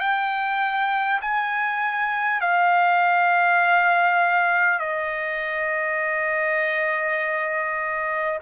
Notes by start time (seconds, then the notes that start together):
0.00 G5
1.22 G#5
2.41 F5
4.79 D#5